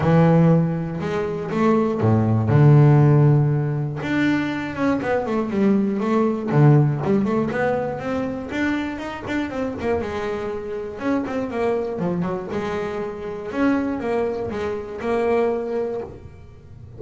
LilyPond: \new Staff \with { instrumentName = "double bass" } { \time 4/4 \tempo 4 = 120 e2 gis4 a4 | a,4 d2. | d'4. cis'8 b8 a8 g4 | a4 d4 g8 a8 b4 |
c'4 d'4 dis'8 d'8 c'8 ais8 | gis2 cis'8 c'8 ais4 | f8 fis8 gis2 cis'4 | ais4 gis4 ais2 | }